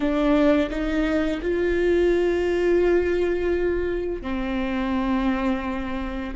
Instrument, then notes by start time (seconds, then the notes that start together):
viola
0.00 D4
0.70 D#4
1.41 F4
4.22 C4